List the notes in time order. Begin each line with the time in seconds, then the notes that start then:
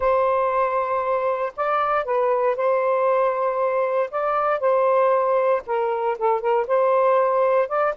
0.00 C5
1.56 D5
2.04 B4
2.56 C5
4.10 D5
4.59 C5
5.66 A#4
6.18 A4
6.41 A#4
6.67 C5
7.68 D5